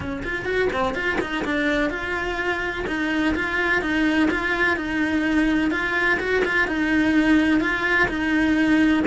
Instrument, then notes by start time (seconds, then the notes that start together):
cello
0.00 C#4
0.23 F4
0.45 F#4
0.73 C4
0.94 F4
1.20 D#4
1.44 D4
1.90 F4
2.87 D#4
3.35 F4
3.81 D#4
4.31 F4
4.76 D#4
5.71 F4
6.19 F#4
6.44 F4
6.67 D#4
7.60 F4
8.08 D#4